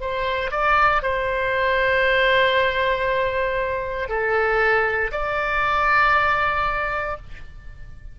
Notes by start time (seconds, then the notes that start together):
0.00 C5
0.51 D5
1.02 C5
4.09 A4
5.12 D5